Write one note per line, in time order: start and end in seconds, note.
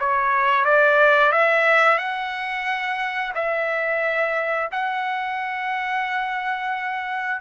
0.00 0.65 C#5
0.65 1.32 D5
1.32 1.99 E5
1.99 3.33 F#5
3.35 4.70 E5
4.72 7.41 F#5